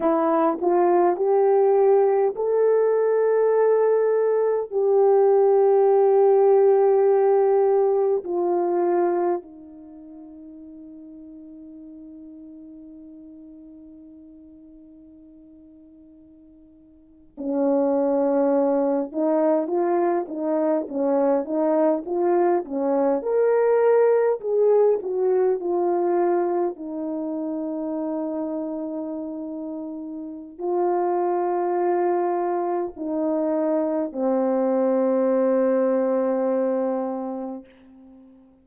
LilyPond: \new Staff \with { instrumentName = "horn" } { \time 4/4 \tempo 4 = 51 e'8 f'8 g'4 a'2 | g'2. f'4 | dis'1~ | dis'2~ dis'8. cis'4~ cis'16~ |
cis'16 dis'8 f'8 dis'8 cis'8 dis'8 f'8 cis'8 ais'16~ | ais'8. gis'8 fis'8 f'4 dis'4~ dis'16~ | dis'2 f'2 | dis'4 c'2. | }